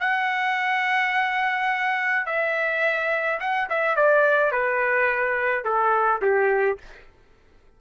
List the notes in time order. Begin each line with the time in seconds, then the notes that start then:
0.00 F#5
2.26 E5
3.40 F#5
3.70 E5
3.96 D5
4.52 B4
5.64 A4
6.22 G4